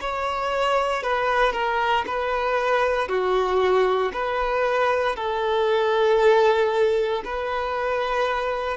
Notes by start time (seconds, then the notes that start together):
0.00 C#5
1.03 B4
1.52 A#4
2.06 B4
3.08 F#4
4.12 B4
5.15 A4
7.24 B4